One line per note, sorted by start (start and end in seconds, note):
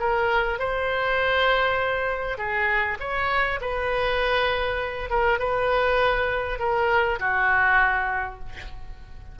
0.00 0.59 A#4
0.59 2.38 C5
2.38 2.98 G#4
3.00 3.60 C#5
3.61 5.10 B4
5.10 5.39 A#4
5.39 6.59 B4
6.59 7.19 A#4
7.20 8.40 F#4